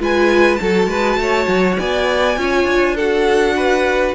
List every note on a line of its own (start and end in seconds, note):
0.00 0.60 G#3
0.00 0.59 F4
0.00 0.61 B4
0.00 0.56 G#5
0.56 0.87 F#3
0.56 2.37 F#4
0.56 0.89 A4
0.56 1.75 A5
0.87 1.17 G#3
0.87 1.19 B4
1.17 1.47 A3
1.17 1.79 C#5
1.48 1.78 F#3
1.79 2.37 B3
1.79 2.39 D5
1.79 2.98 G#5
2.37 2.65 C#4
2.37 2.97 F4
2.37 2.95 C#5
2.65 4.13 D4
2.95 4.15 F#4
2.95 3.55 A4
2.95 4.15 F#5
3.57 4.15 B4